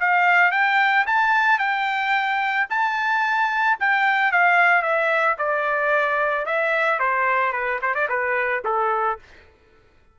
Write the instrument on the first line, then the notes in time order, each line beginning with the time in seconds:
trumpet
0.00 F5
0.52 G5
1.07 A5
1.59 G5
2.70 A5
3.80 G5
4.32 F5
4.83 E5
5.38 D5
6.46 E5
7.00 C5
7.53 B4
7.82 C5
7.95 D5
8.09 B4
8.65 A4